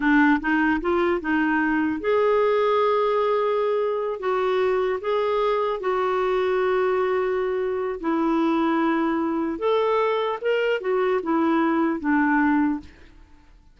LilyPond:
\new Staff \with { instrumentName = "clarinet" } { \time 4/4 \tempo 4 = 150 d'4 dis'4 f'4 dis'4~ | dis'4 gis'2.~ | gis'2~ gis'8 fis'4.~ | fis'8 gis'2 fis'4.~ |
fis'1 | e'1 | a'2 ais'4 fis'4 | e'2 d'2 | }